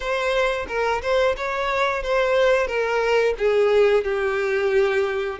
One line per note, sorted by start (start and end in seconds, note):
0.00 0.66 C5
0.67 1.01 A#4
1.01 1.35 C5
1.36 2.02 C#5
2.02 2.67 C5
2.67 3.34 A#4
3.37 4.04 G#4
4.04 5.38 G4